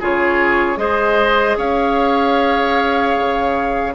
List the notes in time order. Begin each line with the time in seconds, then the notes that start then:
0.00 C#3 F4 G#4 C#5
0.77 G#3 G#4 C5 D#5
1.57 C#4 C#5 F5
3.18 C#3